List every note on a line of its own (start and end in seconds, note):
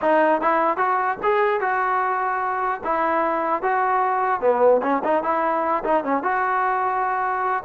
0.01 0.41 D#4
0.41 0.77 E4
0.77 1.17 F#4
1.22 1.60 G#4
1.60 2.81 F#4
2.84 3.62 E4
3.62 4.41 F#4
4.41 4.81 B3
4.82 5.02 C#4
5.04 5.23 D#4
5.23 5.83 E4
5.84 6.04 D#4
6.04 6.22 C#4
6.22 7.63 F#4